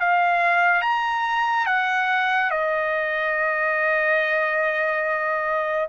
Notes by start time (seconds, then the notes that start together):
0.00 F5
0.82 A#5
1.66 F#5
2.50 D#5